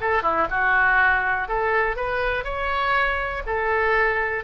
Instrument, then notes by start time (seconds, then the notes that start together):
oboe
0.00 A4
0.22 E4
0.50 F#4
1.48 A4
1.96 B4
2.44 C#5
3.46 A4